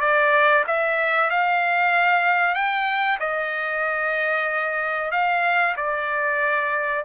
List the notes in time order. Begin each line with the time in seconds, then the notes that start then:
0.00 D5
0.67 E5
1.30 F5
2.54 G5
3.19 D#5
5.11 F5
5.76 D5